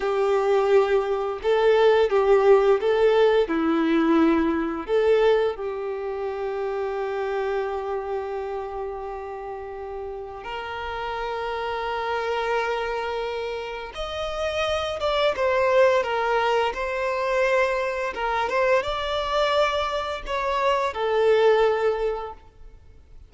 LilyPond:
\new Staff \with { instrumentName = "violin" } { \time 4/4 \tempo 4 = 86 g'2 a'4 g'4 | a'4 e'2 a'4 | g'1~ | g'2. ais'4~ |
ais'1 | dis''4. d''8 c''4 ais'4 | c''2 ais'8 c''8 d''4~ | d''4 cis''4 a'2 | }